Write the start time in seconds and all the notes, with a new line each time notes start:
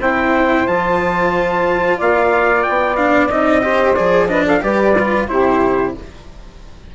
0.00 C4 E4 C5 G5
0.67 F3 F4 A5
1.97 A#3 D5 F5
2.63 B3 G5
2.96 D4 F5
3.30 C4 D#4 D#5
3.62 G4 C5
3.94 F3 G#4 D5
4.28 D4 B4 D#5
4.45 A4 F5
4.61 G3 G4 B4 D5
4.99 F4
5.28 C3 E4 G4 C5